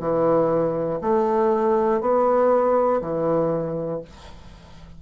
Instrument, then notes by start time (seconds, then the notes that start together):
bassoon
0.00 E3
1.01 A3
2.00 B3
3.01 E3